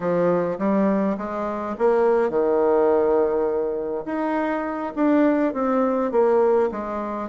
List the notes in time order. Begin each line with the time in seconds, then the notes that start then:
0.00 F3
0.58 G3
1.17 G#3
1.78 A#3
2.29 D#3
4.05 D#4
4.95 D4
5.53 C4
6.11 A#3
6.71 G#3